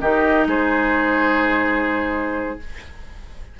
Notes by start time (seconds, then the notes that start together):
0.00 D#3 D#4 G4 D#5
0.46 G#3 G#4 C5